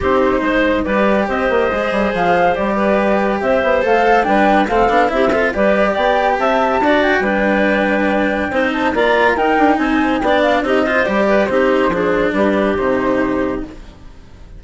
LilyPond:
<<
  \new Staff \with { instrumentName = "flute" } { \time 4/4 \tempo 4 = 141 c''2 d''4 dis''4~ | dis''4 f''4 d''2 | e''4 f''4 g''4 f''4 | e''4 d''4 g''4 a''4~ |
a''8 g''2.~ g''8~ | g''8 a''8 ais''4 g''4 gis''4 | g''8 f''8 dis''4 d''4 c''4~ | c''4 b'4 c''2 | }
  \new Staff \with { instrumentName = "clarinet" } { \time 4/4 g'4 c''4 b'4 c''4~ | c''2~ c''8 b'4. | c''2 b'4 a'4 | g'8 a'8 b'4 d''4 e''4 |
d''4 b'2. | c''4 d''4 ais'4 c''4 | d''4 g'8 c''4 b'8 g'4 | gis'4 g'2. | }
  \new Staff \with { instrumentName = "cello" } { \time 4/4 dis'2 g'2 | gis'2 g'2~ | g'4 a'4 d'4 c'8 d'8 | e'8 f'8 g'2. |
fis'4 d'2. | dis'4 f'4 dis'2 | d'4 dis'8 f'8 g'4 dis'4 | d'2 dis'2 | }
  \new Staff \with { instrumentName = "bassoon" } { \time 4/4 c'4 gis4 g4 c'8 ais8 | gis8 g8 f4 g2 | c'8 b8 a4 g4 a8 b8 | c'4 g4 b4 c'4 |
d'4 g2. | c'4 ais4 dis'8 d'8 c'4 | b4 c'4 g4 c'4 | f4 g4 c2 | }
>>